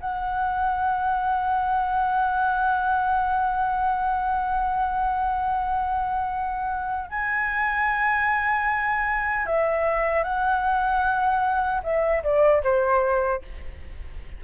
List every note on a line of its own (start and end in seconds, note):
0.00 7.09 F#5
7.09 9.46 G#5
9.46 10.23 E5
10.23 11.81 F#5
11.83 12.22 E5
12.23 12.62 D5
12.63 13.42 C5